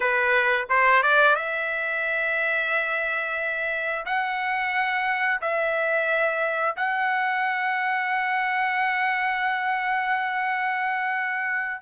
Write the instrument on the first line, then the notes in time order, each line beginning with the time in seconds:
trumpet
0.00 B4
0.69 C5
1.03 D5
1.35 E5
4.05 F#5
5.41 E5
6.76 F#5